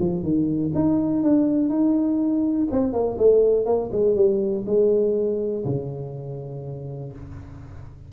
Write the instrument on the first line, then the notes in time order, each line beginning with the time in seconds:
tuba
0.00 F3
0.23 D#3
0.75 D#4
1.24 D4
1.70 D#4
2.72 C4
2.93 A#3
3.18 A3
3.66 A#3
3.93 G#3
4.16 G3
4.67 G#3
5.65 C#3